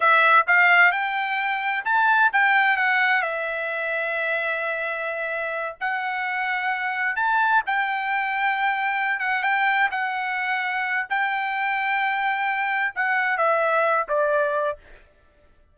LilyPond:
\new Staff \with { instrumentName = "trumpet" } { \time 4/4 \tempo 4 = 130 e''4 f''4 g''2 | a''4 g''4 fis''4 e''4~ | e''1~ | e''8 fis''2. a''8~ |
a''8 g''2.~ g''8 | fis''8 g''4 fis''2~ fis''8 | g''1 | fis''4 e''4. d''4. | }